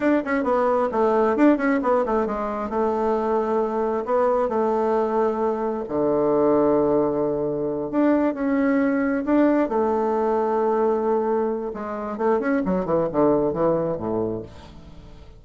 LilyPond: \new Staff \with { instrumentName = "bassoon" } { \time 4/4 \tempo 4 = 133 d'8 cis'8 b4 a4 d'8 cis'8 | b8 a8 gis4 a2~ | a4 b4 a2~ | a4 d2.~ |
d4. d'4 cis'4.~ | cis'8 d'4 a2~ a8~ | a2 gis4 a8 cis'8 | fis8 e8 d4 e4 a,4 | }